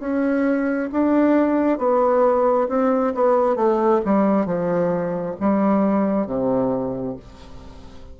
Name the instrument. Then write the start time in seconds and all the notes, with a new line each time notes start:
bassoon
0.00 C#4
0.92 D4
1.78 B3
2.69 C4
3.15 B3
3.56 A3
4.05 G3
4.46 F3
5.40 G3
6.27 C3